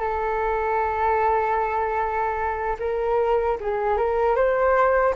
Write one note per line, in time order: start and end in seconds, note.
0.00 2.76 A4
2.79 3.58 A#4
3.60 3.97 G#4
3.97 4.35 A#4
4.35 5.14 C5